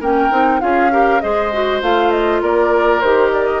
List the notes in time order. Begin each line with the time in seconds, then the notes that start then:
0.00 A#3 C#4 A#4 G5
0.30 C4 D#4
0.60 C#4 F4 G#4 F5
0.91 G4 A#4
1.20 G#3 G#4 C5 D#5
1.52 F#4
1.81 A3 F4 F5
2.10 D#5
2.42 A#3 A#4 D5
3.00 D#3 G4 C5
3.33 D5
3.46 D#5